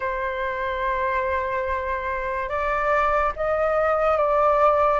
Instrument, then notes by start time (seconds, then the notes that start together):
flute
0.00 C5
2.49 D5
3.35 D#5
4.17 D5